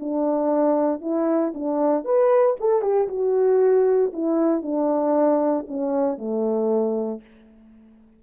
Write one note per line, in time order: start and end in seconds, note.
0.00 1.02 D4
1.02 1.53 E4
1.54 2.05 D4
2.05 2.57 B4
2.61 2.82 A4
2.82 3.08 G4
3.09 4.12 F#4
4.13 4.63 E4
4.63 5.66 D4
5.68 6.18 C#4
6.18 7.22 A3